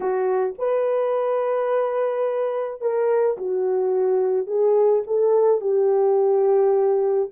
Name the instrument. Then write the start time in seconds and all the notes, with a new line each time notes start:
horn
0.00 F#4
0.58 B4
2.81 A#4
3.37 F#4
4.46 G#4
5.06 A4
5.60 G4